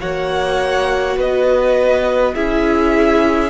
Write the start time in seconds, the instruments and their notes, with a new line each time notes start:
0.00 cello A#3, viola F#4, violin C#5 F#5
1.17 cello B3, violin B4 D#5
2.34 cello C#4, viola E4, violin G#4 E5